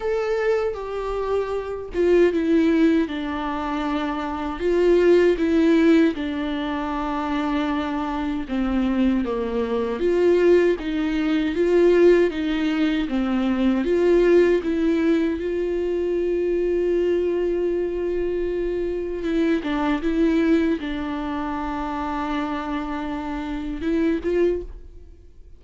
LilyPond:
\new Staff \with { instrumentName = "viola" } { \time 4/4 \tempo 4 = 78 a'4 g'4. f'8 e'4 | d'2 f'4 e'4 | d'2. c'4 | ais4 f'4 dis'4 f'4 |
dis'4 c'4 f'4 e'4 | f'1~ | f'4 e'8 d'8 e'4 d'4~ | d'2. e'8 f'8 | }